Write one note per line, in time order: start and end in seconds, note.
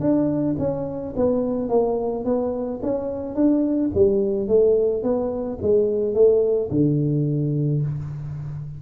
0.00 0.56 D4
0.58 1.14 C#4
1.16 1.69 B3
1.69 2.24 A#3
2.24 2.80 B3
2.82 3.35 C#4
3.35 3.90 D4
3.94 4.47 G3
4.47 5.03 A3
5.03 5.58 B3
5.61 6.14 G#3
6.14 6.69 A3
6.70 7.81 D3